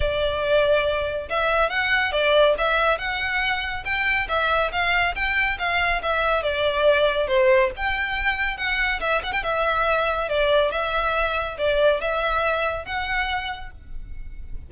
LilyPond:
\new Staff \with { instrumentName = "violin" } { \time 4/4 \tempo 4 = 140 d''2. e''4 | fis''4 d''4 e''4 fis''4~ | fis''4 g''4 e''4 f''4 | g''4 f''4 e''4 d''4~ |
d''4 c''4 g''2 | fis''4 e''8 fis''16 g''16 e''2 | d''4 e''2 d''4 | e''2 fis''2 | }